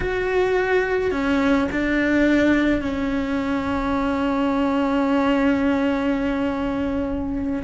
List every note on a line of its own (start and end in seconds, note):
0.00 1.11 F#4
1.11 1.67 C#4
1.71 2.81 D4
2.81 7.62 C#4